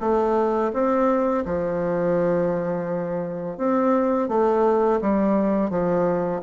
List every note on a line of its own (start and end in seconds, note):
0.00 0.71 A3
0.73 1.44 C4
1.45 3.57 F3
3.57 4.28 C4
4.28 5.00 A3
5.01 5.70 G3
5.70 6.41 F3